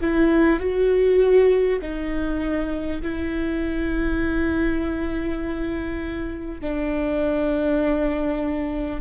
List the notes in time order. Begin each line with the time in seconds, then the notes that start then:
0.00 E4
0.59 F#4
1.81 D#4
3.02 E4
6.60 D4